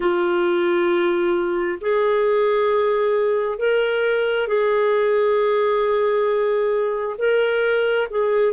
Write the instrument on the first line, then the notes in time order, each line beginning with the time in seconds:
clarinet
0.00 F4
1.80 G#4
3.58 A#4
4.47 G#4
7.18 A#4
8.10 G#4